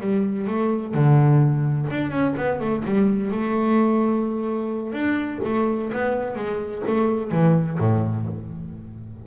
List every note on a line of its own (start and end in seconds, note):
0.00 0.47 G3
0.47 0.94 A3
0.94 1.88 D3
1.90 2.10 D4
2.10 2.34 C#4
2.37 2.60 B3
2.60 2.83 A3
2.84 3.31 G3
3.31 4.92 A3
4.92 5.40 D4
5.44 5.91 A3
5.93 6.35 B3
6.35 6.83 G#3
6.87 7.31 A3
7.31 7.78 E3
7.79 8.26 A2